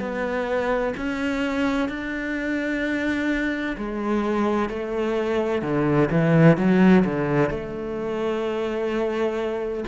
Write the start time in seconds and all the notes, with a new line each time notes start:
0.00 B3
0.98 C#4
1.89 D4
3.78 G#3
4.70 A3
5.62 D3
6.11 E3
6.58 F#3
7.05 D3
7.50 A3